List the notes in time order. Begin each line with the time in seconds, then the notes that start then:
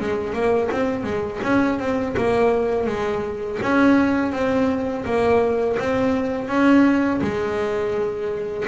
0.00 G#3
0.33 A#3
0.71 C4
1.04 G#3
1.43 C#4
1.79 C4
2.17 A#3
2.87 G#3
3.62 C#4
4.32 C4
5.05 A#3
5.79 C4
6.48 C#4
7.22 G#3